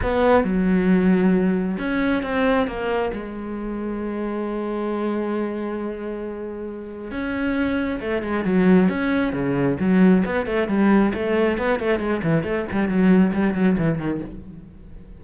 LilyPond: \new Staff \with { instrumentName = "cello" } { \time 4/4 \tempo 4 = 135 b4 fis2. | cis'4 c'4 ais4 gis4~ | gis1~ | gis1 |
cis'2 a8 gis8 fis4 | cis'4 cis4 fis4 b8 a8 | g4 a4 b8 a8 gis8 e8 | a8 g8 fis4 g8 fis8 e8 dis8 | }